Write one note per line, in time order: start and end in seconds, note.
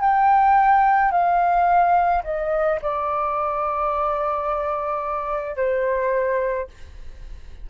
0.00 1.11 G5
1.11 2.22 F5
2.24 2.79 D#5
2.82 5.56 D5
5.56 6.67 C5